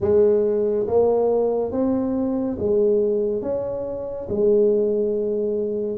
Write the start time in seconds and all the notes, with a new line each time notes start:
0.00 G#3
0.87 A#3
1.71 C4
2.58 G#3
3.42 C#4
4.29 G#3